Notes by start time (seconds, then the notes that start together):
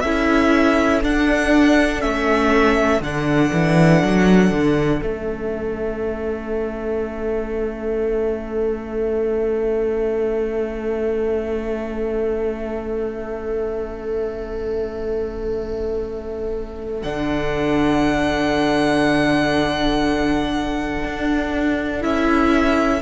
0.00 C#4 E4 A4 E5
1.03 D4 F#5
2.00 A3 C#4 E5
3.01 D3 D4 F#5
3.53 E3
4.03 F#3
4.51 D3
5.02 A3 C#4 E5
17.03 D3 D4 F#5
21.05 D4
22.01 C#4 E4 E5